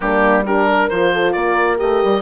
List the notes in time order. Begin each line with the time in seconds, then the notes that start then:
0.00 G3 A#3 D4 G4
0.45 D4 G4 A#4
0.68 A#4
0.89 F3 F4 C5
1.13 A4
1.32 A#3 A#4 D5
1.77 A3 G4 D#5
2.03 G3